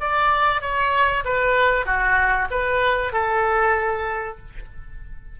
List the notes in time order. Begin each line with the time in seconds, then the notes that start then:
0.00 D5
0.61 C#5
1.25 B4
1.86 F#4
2.51 B4
3.12 A4